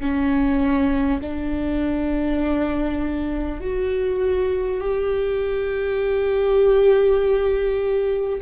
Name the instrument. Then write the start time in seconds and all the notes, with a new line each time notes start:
viola
0.00 C#4
1.21 D4
3.60 F#4
4.80 G4